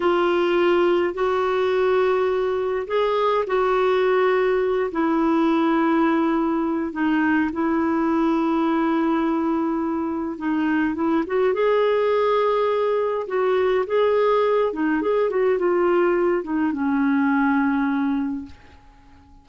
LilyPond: \new Staff \with { instrumentName = "clarinet" } { \time 4/4 \tempo 4 = 104 f'2 fis'2~ | fis'4 gis'4 fis'2~ | fis'8 e'2.~ e'8 | dis'4 e'2.~ |
e'2 dis'4 e'8 fis'8 | gis'2. fis'4 | gis'4. dis'8 gis'8 fis'8 f'4~ | f'8 dis'8 cis'2. | }